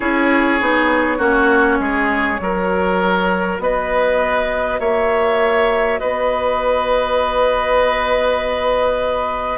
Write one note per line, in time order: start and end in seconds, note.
0.00 0.60 C#4
0.00 0.59 E4
0.00 1.18 G#4
0.00 3.59 C#5
0.59 1.18 B3
0.59 1.19 D#4
1.18 1.78 A#3
1.18 2.38 C#4
1.18 1.78 F#4
1.79 2.39 G#3
1.79 2.40 G#4
2.38 3.59 F#3
2.38 9.58 F#4
2.38 3.62 A#4
3.59 4.79 B3
3.59 4.79 B4
3.59 4.79 D#5
4.79 5.99 A#3
4.79 6.00 C#5
4.79 5.99 E5
5.99 9.58 B3
5.99 9.58 B4
5.99 9.58 D#5